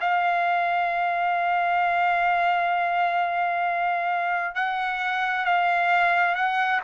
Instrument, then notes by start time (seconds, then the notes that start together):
trumpet
0.00 F5
4.55 F#5
5.45 F5
6.34 F#5